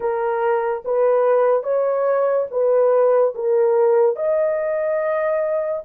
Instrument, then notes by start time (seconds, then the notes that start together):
horn
0.00 A#4
0.84 B4
1.63 C#5
2.50 B4
3.34 A#4
4.16 D#5